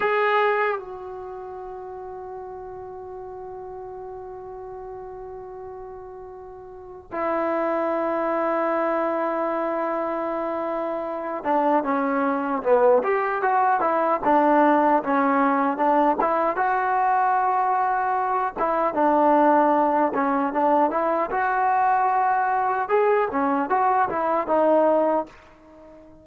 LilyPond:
\new Staff \with { instrumentName = "trombone" } { \time 4/4 \tempo 4 = 76 gis'4 fis'2.~ | fis'1~ | fis'4 e'2.~ | e'2~ e'8 d'8 cis'4 |
b8 g'8 fis'8 e'8 d'4 cis'4 | d'8 e'8 fis'2~ fis'8 e'8 | d'4. cis'8 d'8 e'8 fis'4~ | fis'4 gis'8 cis'8 fis'8 e'8 dis'4 | }